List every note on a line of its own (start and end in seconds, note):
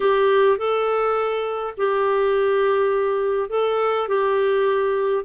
0.00 0.57 G4
0.57 1.74 A4
1.77 3.50 G4
3.50 4.08 A4
4.08 5.24 G4